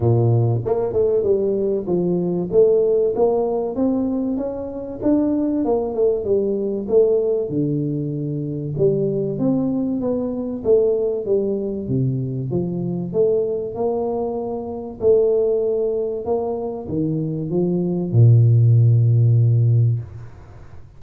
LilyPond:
\new Staff \with { instrumentName = "tuba" } { \time 4/4 \tempo 4 = 96 ais,4 ais8 a8 g4 f4 | a4 ais4 c'4 cis'4 | d'4 ais8 a8 g4 a4 | d2 g4 c'4 |
b4 a4 g4 c4 | f4 a4 ais2 | a2 ais4 dis4 | f4 ais,2. | }